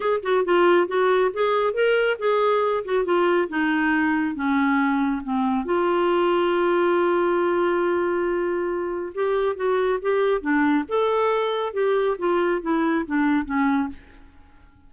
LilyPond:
\new Staff \with { instrumentName = "clarinet" } { \time 4/4 \tempo 4 = 138 gis'8 fis'8 f'4 fis'4 gis'4 | ais'4 gis'4. fis'8 f'4 | dis'2 cis'2 | c'4 f'2.~ |
f'1~ | f'4 g'4 fis'4 g'4 | d'4 a'2 g'4 | f'4 e'4 d'4 cis'4 | }